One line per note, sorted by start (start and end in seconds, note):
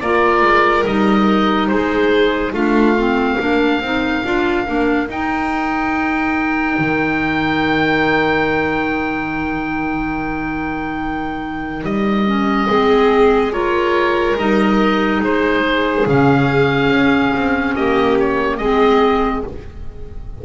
0.00 0.42 A#3
0.00 0.86 F4
0.00 1.71 A#4
0.00 0.85 D5
0.42 0.84 G#3
0.86 1.70 G3
0.86 2.53 D#4
0.86 1.68 D#5
1.68 2.53 G#3
1.68 2.53 G#4
1.68 2.52 C5
2.53 3.37 A3
2.53 2.96 D4
2.53 3.37 F4
2.53 5.08 F5
2.96 3.39 C4
3.37 3.81 A#3
3.37 3.81 D4
3.37 12.67 A#4
3.81 4.23 C4
3.81 4.24 D#4
4.24 4.67 D4
4.24 4.65 F4
4.65 5.09 A#3
4.65 5.08 D4
5.08 12.26 D#4
5.08 6.78 D#4
5.08 11.85 G5
6.78 11.83 D#3
11.83 12.68 G3
11.83 13.52 D#5
12.26 12.68 C#4
12.68 14.36 G#3
12.68 13.52 C4
12.68 13.52 G#4
13.52 14.36 F4
13.52 15.21 A#4
13.52 14.37 C#5
14.36 15.21 G3
14.36 16.07 D#4
14.36 15.22 D#5
15.21 16.05 G#3
15.21 17.76 G#4
15.21 16.08 C5
16.06 16.89 C#3
16.06 18.60 C#4
16.06 17.75 F5
16.89 17.31 C#4
17.35 17.77 C4
17.75 18.59 A#3
17.75 18.59 G4
17.75 18.17 D#5
18.19 18.57 C#5
18.57 19.43 G#3
18.57 19.45 C4
18.57 19.43 G#4
18.57 19.42 D#5